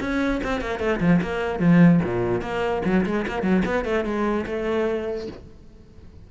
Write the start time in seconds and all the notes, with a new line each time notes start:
0.00 C#4
0.43 C4
0.61 A#3
0.79 A3
1.00 F3
1.21 A#3
1.59 F3
2.04 A#2
2.41 A#3
2.85 F#3
3.06 G#3
3.27 A#3
3.42 F#3
3.65 B3
3.84 A3
4.05 G#3
4.46 A3